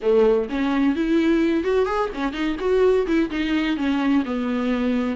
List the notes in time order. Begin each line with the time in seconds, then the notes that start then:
0.01 A3
0.49 C#4
0.95 E4
1.64 F#4
1.85 G#4
2.14 C#4
2.32 D#4
2.59 F#4
3.06 E4
3.30 D#4
3.76 C#4
4.25 B3